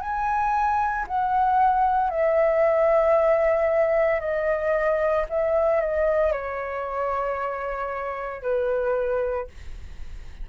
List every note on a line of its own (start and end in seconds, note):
0.00 1.05 G#5
1.07 2.10 F#5
2.10 4.20 E5
4.20 5.25 D#5
5.29 5.80 E5
5.80 6.32 D#5
6.32 8.42 C#5
8.42 9.47 B4